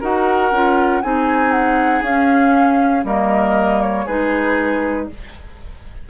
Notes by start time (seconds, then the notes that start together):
0.00 D#4 F#4 A#4 F#5
0.51 C#4 F4
1.02 C4 D#4 G#4 G#5
1.51 F#5
2.01 C#4 F5
3.04 G3 A#3 A#4 D#5
3.82 C#5
4.05 G#3 D#4 G#4 B4